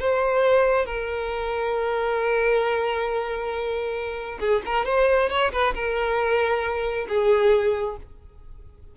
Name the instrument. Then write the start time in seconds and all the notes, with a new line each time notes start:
violin
0.00 C5
0.86 A#4
4.40 G#4
4.66 A#4
4.85 C5
5.30 C#5
5.52 B4
5.75 A#4
7.09 G#4